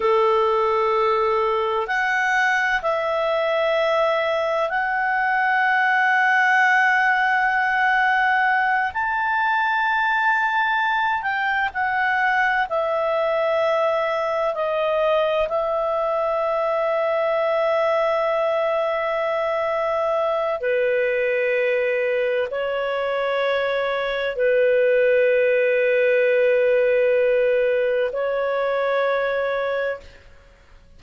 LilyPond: \new Staff \with { instrumentName = "clarinet" } { \time 4/4 \tempo 4 = 64 a'2 fis''4 e''4~ | e''4 fis''2.~ | fis''4. a''2~ a''8 | g''8 fis''4 e''2 dis''8~ |
dis''8 e''2.~ e''8~ | e''2 b'2 | cis''2 b'2~ | b'2 cis''2 | }